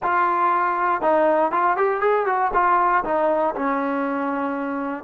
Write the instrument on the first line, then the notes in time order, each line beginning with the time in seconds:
trombone
0.03 F4
1.01 D#4
1.51 F4
1.76 G4
2.00 G#4
2.26 F#4
2.53 F4
3.04 D#4
3.55 C#4